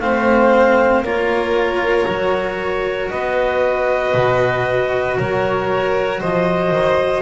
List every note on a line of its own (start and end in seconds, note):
0.00 1.01 A3
0.00 1.05 C4
0.00 1.05 C5
0.00 1.03 F5
1.01 2.05 A#3
1.01 2.09 F4
1.01 3.12 A#4
1.01 3.10 C#5
2.08 3.12 F#3
2.08 7.22 F#4
3.10 4.14 B3
3.10 5.18 B4
3.10 5.17 D#5
4.14 5.18 B2
5.18 6.22 F#3
5.18 6.21 A#4
5.18 6.22 C#5
6.21 6.71 F3
6.21 7.22 C5
6.21 7.22 D#5
6.71 7.22 D#3